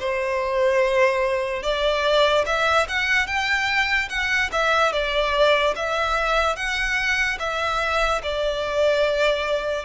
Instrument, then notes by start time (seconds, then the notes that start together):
violin
0.00 C5
1.63 D5
2.46 E5
2.89 F#5
3.27 G5
4.09 F#5
4.52 E5
4.93 D5
5.76 E5
6.56 F#5
7.40 E5
8.23 D5